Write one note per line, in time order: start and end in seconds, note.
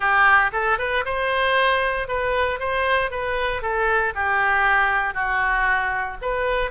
0.00 0.51 G4
0.52 0.78 A4
0.78 1.04 B4
1.05 2.08 C5
2.08 2.59 B4
2.59 3.10 C5
3.10 3.61 B4
3.61 4.13 A4
4.14 5.13 G4
5.13 6.17 F#4
6.21 6.70 B4